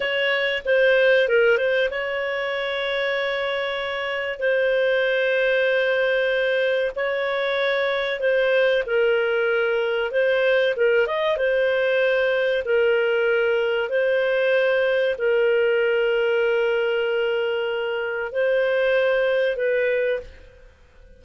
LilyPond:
\new Staff \with { instrumentName = "clarinet" } { \time 4/4 \tempo 4 = 95 cis''4 c''4 ais'8 c''8 cis''4~ | cis''2. c''4~ | c''2. cis''4~ | cis''4 c''4 ais'2 |
c''4 ais'8 dis''8 c''2 | ais'2 c''2 | ais'1~ | ais'4 c''2 b'4 | }